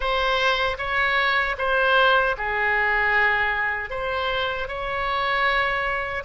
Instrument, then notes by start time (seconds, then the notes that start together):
oboe
0.00 C5
0.78 C#5
1.58 C5
2.37 G#4
3.90 C5
4.68 C#5